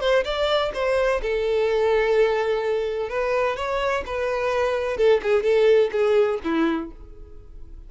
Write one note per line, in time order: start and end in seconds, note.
0.00 0.24 C5
0.24 0.72 D5
0.74 1.21 C5
1.22 3.09 A4
3.09 3.56 B4
3.56 4.03 C#5
4.06 4.97 B4
4.97 5.21 A4
5.23 5.43 G#4
5.43 5.90 A4
5.92 6.39 G#4
6.44 6.91 E4